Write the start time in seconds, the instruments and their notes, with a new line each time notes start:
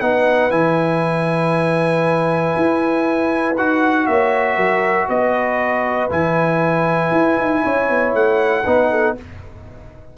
0.00 tuba B3, trombone D#4, horn B4, trumpet F#5
0.51 tuba E3, trombone E4, trumpet G#5
2.56 tuba E4
3.57 tuba D#4, trombone F#4, trumpet F#5
4.06 tuba A#3, horn C#5, trumpet E5
4.56 tuba F#3, horn A#4
5.09 tuba B3, horn B4, trumpet D#5
6.10 tuba E3, trombone E4, trumpet G#5
7.12 tuba E4
7.37 tuba D#4
7.64 tuba C#4, horn C#5
7.90 tuba B3
8.14 tuba A3, trumpet F#5
8.64 tuba B3, trombone D#4, horn B4
8.91 horn A4